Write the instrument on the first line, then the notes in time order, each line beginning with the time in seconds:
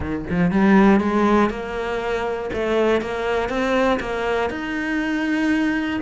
cello
0.00 D#3
0.30 F3
0.51 G3
1.00 G#3
1.50 A#3
2.53 A3
3.01 A#3
3.49 C4
4.00 A#3
4.50 D#4